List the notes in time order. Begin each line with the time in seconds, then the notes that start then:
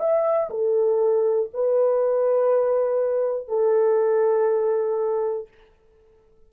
0.00 E5
0.50 A4
1.54 B4
3.48 A4